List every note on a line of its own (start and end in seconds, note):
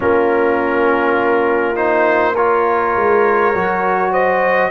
0.00 2.95 A#3
0.00 1.75 C#4
0.00 2.34 F4
0.00 1.76 A#4
1.75 2.34 D#4
1.75 2.35 C5
2.34 3.54 F4
2.34 4.10 A#4
2.34 4.12 C#5
2.95 3.54 G#3
3.54 4.71 F#3
3.54 4.71 F#4
4.11 4.70 C5
4.11 4.71 D#5